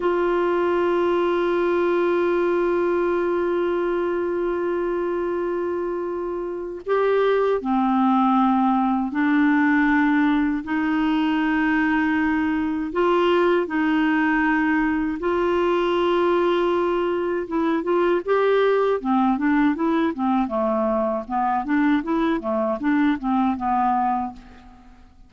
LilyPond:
\new Staff \with { instrumentName = "clarinet" } { \time 4/4 \tempo 4 = 79 f'1~ | f'1~ | f'4 g'4 c'2 | d'2 dis'2~ |
dis'4 f'4 dis'2 | f'2. e'8 f'8 | g'4 c'8 d'8 e'8 c'8 a4 | b8 d'8 e'8 a8 d'8 c'8 b4 | }